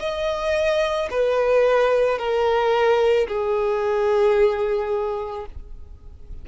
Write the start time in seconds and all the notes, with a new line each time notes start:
0.00 D#5
1.11 B4
2.18 A#4
3.28 G#4